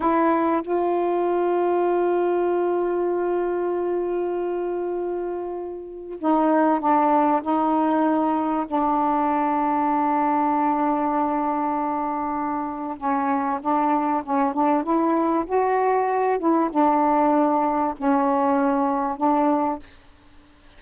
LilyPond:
\new Staff \with { instrumentName = "saxophone" } { \time 4/4 \tempo 4 = 97 e'4 f'2.~ | f'1~ | f'2 dis'4 d'4 | dis'2 d'2~ |
d'1~ | d'4 cis'4 d'4 cis'8 d'8 | e'4 fis'4. e'8 d'4~ | d'4 cis'2 d'4 | }